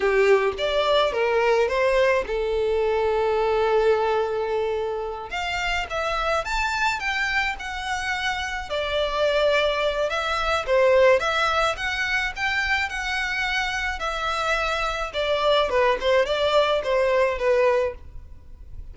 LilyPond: \new Staff \with { instrumentName = "violin" } { \time 4/4 \tempo 4 = 107 g'4 d''4 ais'4 c''4 | a'1~ | a'4. f''4 e''4 a''8~ | a''8 g''4 fis''2 d''8~ |
d''2 e''4 c''4 | e''4 fis''4 g''4 fis''4~ | fis''4 e''2 d''4 | b'8 c''8 d''4 c''4 b'4 | }